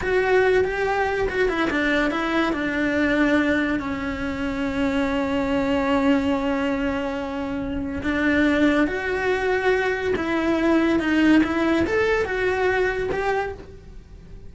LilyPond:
\new Staff \with { instrumentName = "cello" } { \time 4/4 \tempo 4 = 142 fis'4. g'4. fis'8 e'8 | d'4 e'4 d'2~ | d'4 cis'2.~ | cis'1~ |
cis'2. d'4~ | d'4 fis'2. | e'2 dis'4 e'4 | a'4 fis'2 g'4 | }